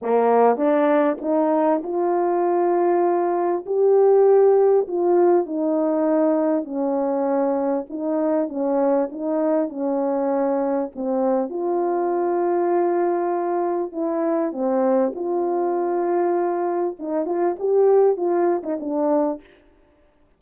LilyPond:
\new Staff \with { instrumentName = "horn" } { \time 4/4 \tempo 4 = 99 ais4 d'4 dis'4 f'4~ | f'2 g'2 | f'4 dis'2 cis'4~ | cis'4 dis'4 cis'4 dis'4 |
cis'2 c'4 f'4~ | f'2. e'4 | c'4 f'2. | dis'8 f'8 g'4 f'8. dis'16 d'4 | }